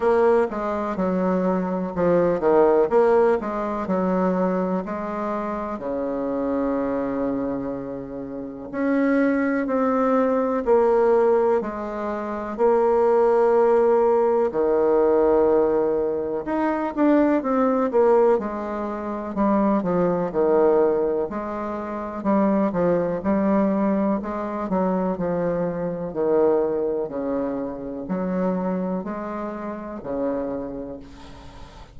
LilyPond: \new Staff \with { instrumentName = "bassoon" } { \time 4/4 \tempo 4 = 62 ais8 gis8 fis4 f8 dis8 ais8 gis8 | fis4 gis4 cis2~ | cis4 cis'4 c'4 ais4 | gis4 ais2 dis4~ |
dis4 dis'8 d'8 c'8 ais8 gis4 | g8 f8 dis4 gis4 g8 f8 | g4 gis8 fis8 f4 dis4 | cis4 fis4 gis4 cis4 | }